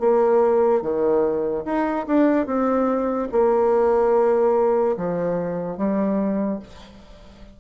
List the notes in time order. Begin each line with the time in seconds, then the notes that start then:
0.00 A#3
0.82 D#3
1.65 D#4
2.07 D4
2.46 C4
3.32 A#3
4.97 F3
5.78 G3